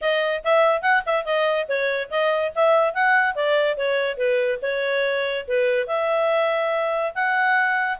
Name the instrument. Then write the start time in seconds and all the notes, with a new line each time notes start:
clarinet
0.01 D#5
0.44 E5
0.82 F#5
1.06 E5
1.25 D#5
1.68 C#5
2.10 D#5
2.55 E5
2.94 F#5
3.35 D5
3.77 C#5
4.17 B4
4.62 C#5
5.47 B4
5.87 E5
7.14 F#5